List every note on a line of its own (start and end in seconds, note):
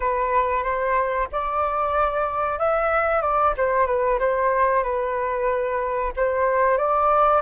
0.00 0.63 B4
0.63 1.27 C5
1.31 2.58 D5
2.58 3.21 E5
3.21 3.53 D5
3.57 3.86 C5
3.86 4.18 B4
4.19 4.83 C5
4.83 6.12 B4
6.16 6.77 C5
6.77 7.42 D5